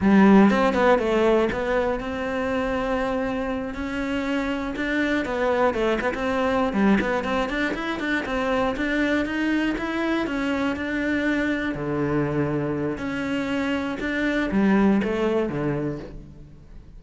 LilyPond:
\new Staff \with { instrumentName = "cello" } { \time 4/4 \tempo 4 = 120 g4 c'8 b8 a4 b4 | c'2.~ c'8 cis'8~ | cis'4. d'4 b4 a8 | b16 c'4~ c'16 g8 b8 c'8 d'8 e'8 |
d'8 c'4 d'4 dis'4 e'8~ | e'8 cis'4 d'2 d8~ | d2 cis'2 | d'4 g4 a4 d4 | }